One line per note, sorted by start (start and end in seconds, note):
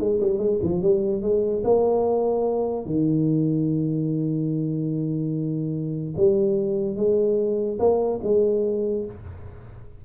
0.00 0.21 G#3
0.21 0.39 G3
0.39 0.59 G#3
0.63 0.82 F3
0.82 1.22 G3
1.22 1.63 G#3
1.64 2.86 A#3
2.86 6.15 D#3
6.17 6.96 G3
6.96 7.79 G#3
7.80 8.21 A#3
8.24 9.06 G#3